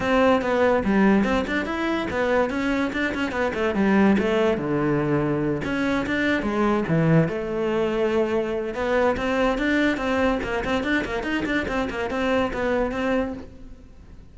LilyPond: \new Staff \with { instrumentName = "cello" } { \time 4/4 \tempo 4 = 144 c'4 b4 g4 c'8 d'8 | e'4 b4 cis'4 d'8 cis'8 | b8 a8 g4 a4 d4~ | d4. cis'4 d'4 gis8~ |
gis8 e4 a2~ a8~ | a4 b4 c'4 d'4 | c'4 ais8 c'8 d'8 ais8 dis'8 d'8 | c'8 ais8 c'4 b4 c'4 | }